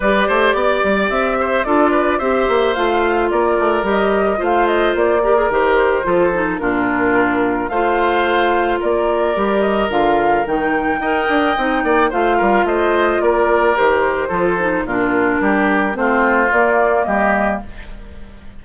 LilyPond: <<
  \new Staff \with { instrumentName = "flute" } { \time 4/4 \tempo 4 = 109 d''2 e''4 d''4 | e''4 f''4 d''4 dis''4 | f''8 dis''8 d''4 c''2 | ais'2 f''2 |
d''4. dis''8 f''4 g''4~ | g''2 f''4 dis''4 | d''4 c''2 ais'4~ | ais'4 c''4 d''4 dis''4 | }
  \new Staff \with { instrumentName = "oboe" } { \time 4/4 b'8 c''8 d''4. c''8 a'8 b'8 | c''2 ais'2 | c''4. ais'4. a'4 | f'2 c''2 |
ais'1 | dis''4. d''8 c''8 ais'8 c''4 | ais'2 a'4 f'4 | g'4 f'2 g'4 | }
  \new Staff \with { instrumentName = "clarinet" } { \time 4/4 g'2. f'4 | g'4 f'2 g'4 | f'4. g'16 gis'16 g'4 f'8 dis'8 | d'2 f'2~ |
f'4 g'4 f'4 dis'4 | ais'4 dis'4 f'2~ | f'4 g'4 f'8 dis'8 d'4~ | d'4 c'4 ais2 | }
  \new Staff \with { instrumentName = "bassoon" } { \time 4/4 g8 a8 b8 g8 c'4 d'4 | c'8 ais8 a4 ais8 a8 g4 | a4 ais4 dis4 f4 | ais,2 a2 |
ais4 g4 d4 dis4 | dis'8 d'8 c'8 ais8 a8 g8 a4 | ais4 dis4 f4 ais,4 | g4 a4 ais4 g4 | }
>>